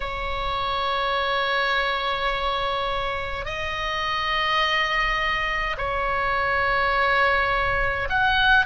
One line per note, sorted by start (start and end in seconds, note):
0.00 3.45 C#5
3.45 5.76 D#5
5.77 8.08 C#5
8.09 8.65 F#5